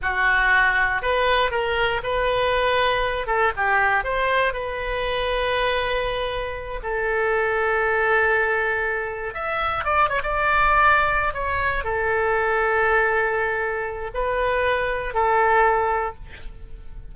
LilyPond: \new Staff \with { instrumentName = "oboe" } { \time 4/4 \tempo 4 = 119 fis'2 b'4 ais'4 | b'2~ b'8 a'8 g'4 | c''4 b'2.~ | b'4. a'2~ a'8~ |
a'2~ a'8 e''4 d''8 | cis''16 d''2~ d''16 cis''4 a'8~ | a'1 | b'2 a'2 | }